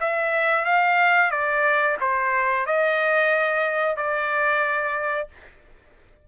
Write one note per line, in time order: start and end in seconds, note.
0.00 0.65 E5
0.65 1.31 F5
1.31 1.97 D5
2.00 2.66 C5
2.66 3.97 D#5
3.97 5.28 D5